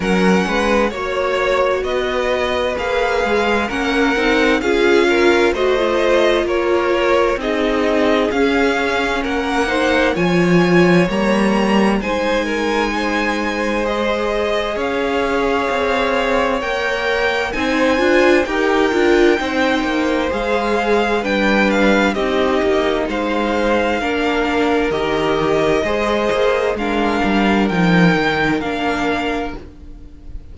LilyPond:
<<
  \new Staff \with { instrumentName = "violin" } { \time 4/4 \tempo 4 = 65 fis''4 cis''4 dis''4 f''4 | fis''4 f''4 dis''4 cis''4 | dis''4 f''4 fis''4 gis''4 | ais''4 gis''2 dis''4 |
f''2 g''4 gis''4 | g''2 f''4 g''8 f''8 | dis''4 f''2 dis''4~ | dis''4 f''4 g''4 f''4 | }
  \new Staff \with { instrumentName = "violin" } { \time 4/4 ais'8 b'8 cis''4 b'2 | ais'4 gis'8 ais'8 c''4 ais'4 | gis'2 ais'8 c''8 cis''4~ | cis''4 c''8 ais'8 c''2 |
cis''2. c''4 | ais'4 c''2 b'4 | g'4 c''4 ais'2 | c''4 ais'2. | }
  \new Staff \with { instrumentName = "viola" } { \time 4/4 cis'4 fis'2 gis'4 | cis'8 dis'8 f'4 fis'16 f'4.~ f'16 | dis'4 cis'4. dis'8 f'4 | ais4 dis'2 gis'4~ |
gis'2 ais'4 dis'8 f'8 | g'8 f'8 dis'4 gis'4 d'4 | dis'2 d'4 g'4 | gis'4 d'4 dis'4 d'4 | }
  \new Staff \with { instrumentName = "cello" } { \time 4/4 fis8 gis8 ais4 b4 ais8 gis8 | ais8 c'8 cis'4 a4 ais4 | c'4 cis'4 ais4 f4 | g4 gis2. |
cis'4 c'4 ais4 c'8 d'8 | dis'8 d'8 c'8 ais8 gis4 g4 | c'8 ais8 gis4 ais4 dis4 | gis8 ais8 gis8 g8 f8 dis8 ais4 | }
>>